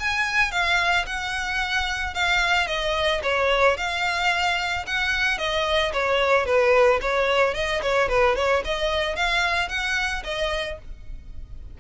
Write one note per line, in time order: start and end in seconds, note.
0.00 0.52 G#5
0.52 1.06 F5
1.07 2.15 F#5
2.15 2.67 F5
2.67 3.21 D#5
3.23 3.77 C#5
3.78 4.86 F5
4.87 5.39 F#5
5.39 5.93 D#5
5.93 6.46 C#5
6.46 7.00 B4
7.02 7.55 C#5
7.55 7.82 D#5
7.83 8.09 C#5
8.09 8.36 B4
8.36 8.63 C#5
8.65 9.16 D#5
9.16 9.69 F5
9.69 10.23 F#5
10.24 10.78 D#5